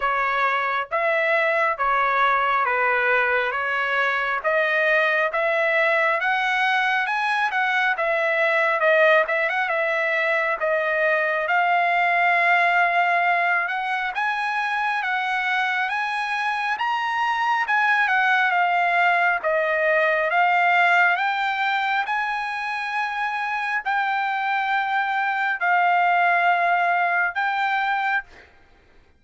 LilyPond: \new Staff \with { instrumentName = "trumpet" } { \time 4/4 \tempo 4 = 68 cis''4 e''4 cis''4 b'4 | cis''4 dis''4 e''4 fis''4 | gis''8 fis''8 e''4 dis''8 e''16 fis''16 e''4 | dis''4 f''2~ f''8 fis''8 |
gis''4 fis''4 gis''4 ais''4 | gis''8 fis''8 f''4 dis''4 f''4 | g''4 gis''2 g''4~ | g''4 f''2 g''4 | }